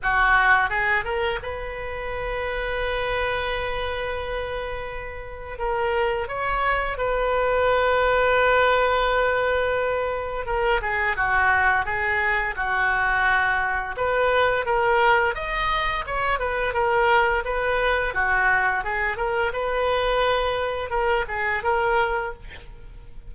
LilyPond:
\new Staff \with { instrumentName = "oboe" } { \time 4/4 \tempo 4 = 86 fis'4 gis'8 ais'8 b'2~ | b'1 | ais'4 cis''4 b'2~ | b'2. ais'8 gis'8 |
fis'4 gis'4 fis'2 | b'4 ais'4 dis''4 cis''8 b'8 | ais'4 b'4 fis'4 gis'8 ais'8 | b'2 ais'8 gis'8 ais'4 | }